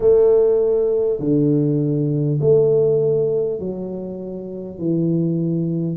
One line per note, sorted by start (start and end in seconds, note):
0.00 1.19 A3
1.19 2.39 D3
2.40 3.59 A3
3.59 4.78 F#3
4.78 5.96 E3